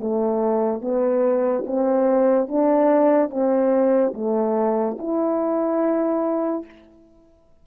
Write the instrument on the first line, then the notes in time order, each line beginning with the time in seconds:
horn
0.00 A3
0.82 B3
1.67 C4
2.48 D4
3.30 C4
4.14 A3
4.99 E4